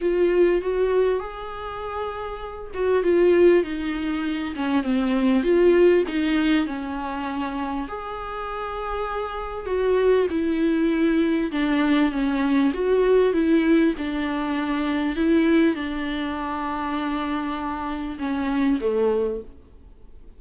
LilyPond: \new Staff \with { instrumentName = "viola" } { \time 4/4 \tempo 4 = 99 f'4 fis'4 gis'2~ | gis'8 fis'8 f'4 dis'4. cis'8 | c'4 f'4 dis'4 cis'4~ | cis'4 gis'2. |
fis'4 e'2 d'4 | cis'4 fis'4 e'4 d'4~ | d'4 e'4 d'2~ | d'2 cis'4 a4 | }